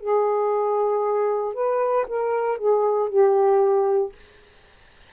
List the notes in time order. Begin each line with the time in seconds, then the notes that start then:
0.00 G#4
1.54 B4
2.08 A#4
2.58 G#4
3.09 G4